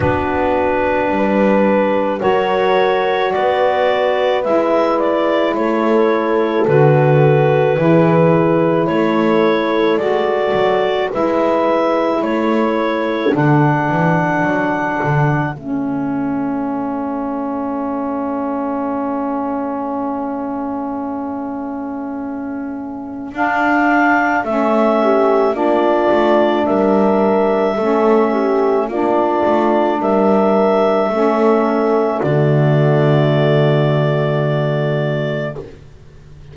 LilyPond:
<<
  \new Staff \with { instrumentName = "clarinet" } { \time 4/4 \tempo 4 = 54 b'2 cis''4 d''4 | e''8 d''8 cis''4 b'2 | cis''4 d''4 e''4 cis''4 | fis''2 e''2~ |
e''1~ | e''4 f''4 e''4 d''4 | e''2 d''4 e''4~ | e''4 d''2. | }
  \new Staff \with { instrumentName = "horn" } { \time 4/4 fis'4 b'4 ais'4 b'4~ | b'4 a'2 gis'4 | a'2 b'4 a'4~ | a'1~ |
a'1~ | a'2~ a'8 g'8 f'4 | ais'4 a'8 g'8 f'4 ais'4 | a'4 fis'2. | }
  \new Staff \with { instrumentName = "saxophone" } { \time 4/4 d'2 fis'2 | e'2 fis'4 e'4~ | e'4 fis'4 e'2 | d'2 cis'2~ |
cis'1~ | cis'4 d'4 cis'4 d'4~ | d'4 cis'4 d'2 | cis'4 a2. | }
  \new Staff \with { instrumentName = "double bass" } { \time 4/4 b4 g4 fis4 b4 | gis4 a4 d4 e4 | a4 gis8 fis8 gis4 a4 | d8 e8 fis8 d8 a2~ |
a1~ | a4 d'4 a4 ais8 a8 | g4 a4 ais8 a8 g4 | a4 d2. | }
>>